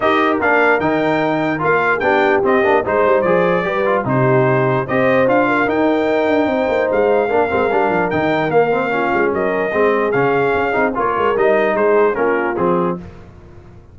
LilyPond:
<<
  \new Staff \with { instrumentName = "trumpet" } { \time 4/4 \tempo 4 = 148 dis''4 f''4 g''2 | f''4 g''4 dis''4 c''4 | d''2 c''2 | dis''4 f''4 g''2~ |
g''4 f''2. | g''4 f''2 dis''4~ | dis''4 f''2 cis''4 | dis''4 c''4 ais'4 gis'4 | }
  \new Staff \with { instrumentName = "horn" } { \time 4/4 ais'1~ | ais'8. gis'16 g'2 c''4~ | c''4 b'4 g'2 | c''4. ais'2~ ais'8 |
c''2 ais'2~ | ais'2 f'4 ais'4 | gis'2. ais'4~ | ais'4 gis'4 f'2 | }
  \new Staff \with { instrumentName = "trombone" } { \time 4/4 g'4 d'4 dis'2 | f'4 d'4 c'8 d'8 dis'4 | gis'4 g'8 f'8 dis'2 | g'4 f'4 dis'2~ |
dis'2 d'8 c'8 d'4 | dis'4 ais8 c'8 cis'2 | c'4 cis'4. dis'8 f'4 | dis'2 cis'4 c'4 | }
  \new Staff \with { instrumentName = "tuba" } { \time 4/4 dis'4 ais4 dis2 | ais4 b4 c'8 ais8 gis8 g8 | f4 g4 c2 | c'4 d'4 dis'4. d'8 |
c'8 ais8 gis4 ais8 gis8 g8 f8 | dis4 ais4. gis8 fis4 | gis4 cis4 cis'8 c'8 ais8 gis8 | g4 gis4 ais4 f4 | }
>>